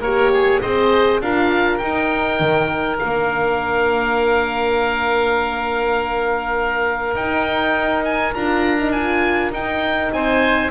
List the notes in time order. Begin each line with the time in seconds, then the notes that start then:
0.00 A#3 G4 A#4 C#5
0.33 G#4
0.61 C4 G#4 C5 D#5
1.21 D4 F4 A#4 F5
1.78 D#4 G5
2.40 D#3
2.99 A#3 D4 F5
7.15 D#4 G5
8.04 G#5
8.34 D4 F4 A#5
8.79 D#4
8.92 F4 G#5
9.51 D#4 G5
10.12 C4 C5 G#5